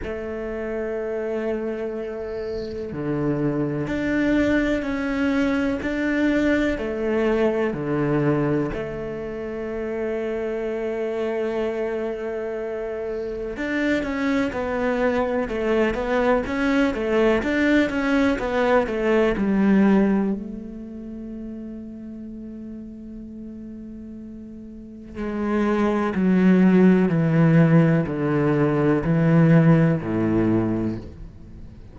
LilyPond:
\new Staff \with { instrumentName = "cello" } { \time 4/4 \tempo 4 = 62 a2. d4 | d'4 cis'4 d'4 a4 | d4 a2.~ | a2 d'8 cis'8 b4 |
a8 b8 cis'8 a8 d'8 cis'8 b8 a8 | g4 a2.~ | a2 gis4 fis4 | e4 d4 e4 a,4 | }